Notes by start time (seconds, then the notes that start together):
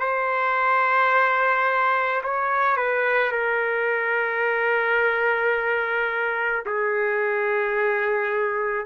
0.00 C5
2.23 C#5
2.77 B4
3.32 A#4
6.66 G#4